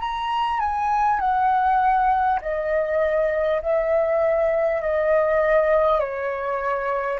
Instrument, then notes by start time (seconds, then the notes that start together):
flute
0.00 A#5
0.59 G#5
1.19 F#5
2.41 D#5
3.62 E5
4.81 D#5
5.99 C#5